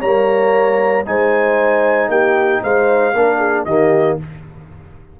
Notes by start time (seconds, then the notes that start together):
0.00 G3 A#3 C#5 A#5
1.06 G#3 D#4 C5 G#5
2.08 A#3 G4 G5
2.63 G#3 C5 F5
3.13 A#3 D4 A#4
3.39 G#4
3.65 D#3 A#3 G4 D#5